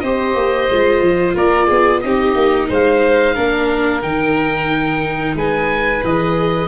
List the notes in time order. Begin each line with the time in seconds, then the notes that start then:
0.00 C4 G4 C5 D#5
0.35 A#3
0.71 G#3 F4
1.01 F3
1.35 A#3 A#4 D5
1.67 B3 G#4
2.01 C4 D#4 G4 D#5
2.35 A#3
2.69 G#3 C5 F5
3.34 A#3 D4 A#4
4.02 D#3 D#4 G5
5.35 G#3 B4 G#5
6.04 E3 G#4 D#5